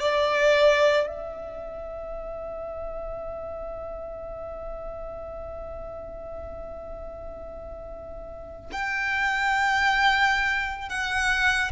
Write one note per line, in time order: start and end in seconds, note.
0.00 1.07 D5
1.07 8.71 E5
8.72 10.89 G5
10.89 11.71 F#5